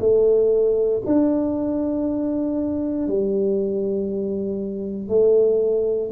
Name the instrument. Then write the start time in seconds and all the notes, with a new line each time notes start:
tuba
0.00 A3
1.06 D4
3.08 G3
5.09 A3